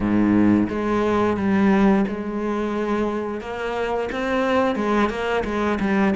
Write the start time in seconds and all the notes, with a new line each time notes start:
0.00 G#2
0.69 G#3
1.36 G3
2.07 G#3
3.41 A#3
4.12 C4
4.75 G#3
5.09 A#3
5.44 G#3
5.80 G3